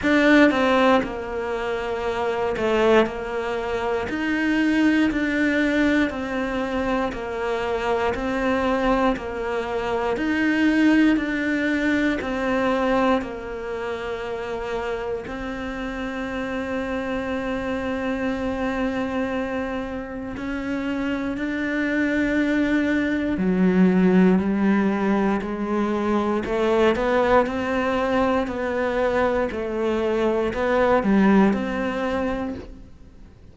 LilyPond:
\new Staff \with { instrumentName = "cello" } { \time 4/4 \tempo 4 = 59 d'8 c'8 ais4. a8 ais4 | dis'4 d'4 c'4 ais4 | c'4 ais4 dis'4 d'4 | c'4 ais2 c'4~ |
c'1 | cis'4 d'2 fis4 | g4 gis4 a8 b8 c'4 | b4 a4 b8 g8 c'4 | }